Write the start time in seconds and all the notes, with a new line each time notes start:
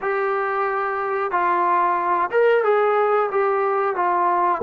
0.01 G4
1.31 F4
2.31 A#4
2.64 G#4
3.31 G4
3.95 F4